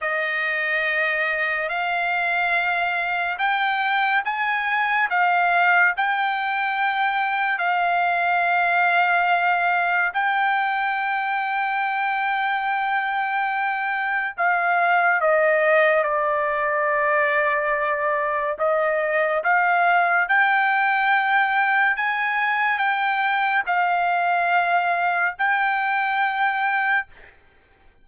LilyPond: \new Staff \with { instrumentName = "trumpet" } { \time 4/4 \tempo 4 = 71 dis''2 f''2 | g''4 gis''4 f''4 g''4~ | g''4 f''2. | g''1~ |
g''4 f''4 dis''4 d''4~ | d''2 dis''4 f''4 | g''2 gis''4 g''4 | f''2 g''2 | }